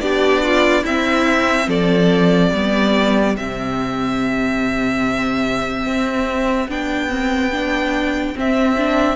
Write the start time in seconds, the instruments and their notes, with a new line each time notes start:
0.00 cello B3, viola D4, violin G4 D5
0.44 violin F4
0.82 cello C4, viola C4, violin E4 E5
1.67 cello F3, violin A4 D5
2.50 cello G3, viola B3, violin G4
3.36 cello C3, viola C4, violin E5
5.86 cello C4
6.68 cello B3, viola D4, violin G5
7.09 viola C4
7.51 viola D4
8.34 viola C4, cello C4, violin E5
8.77 viola D4